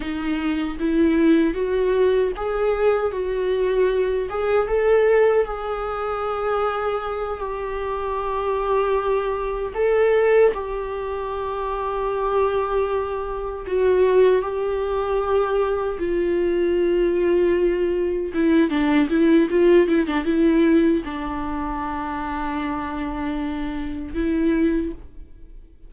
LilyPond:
\new Staff \with { instrumentName = "viola" } { \time 4/4 \tempo 4 = 77 dis'4 e'4 fis'4 gis'4 | fis'4. gis'8 a'4 gis'4~ | gis'4. g'2~ g'8~ | g'8 a'4 g'2~ g'8~ |
g'4. fis'4 g'4.~ | g'8 f'2. e'8 | d'8 e'8 f'8 e'16 d'16 e'4 d'4~ | d'2. e'4 | }